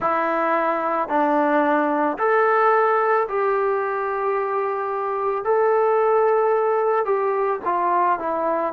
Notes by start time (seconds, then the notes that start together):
0.00 E4
1.08 D4
2.18 A4
3.28 G4
5.44 A4
7.05 G4
7.64 F4
8.19 E4